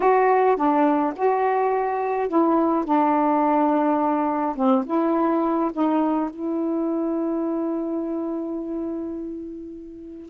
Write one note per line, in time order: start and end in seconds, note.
0.00 0.56 F#4
0.56 1.13 D4
1.16 2.28 F#4
2.28 2.84 E4
2.84 4.55 D4
4.55 4.84 C4
4.85 5.71 E4
5.72 6.30 D#4
6.30 10.29 E4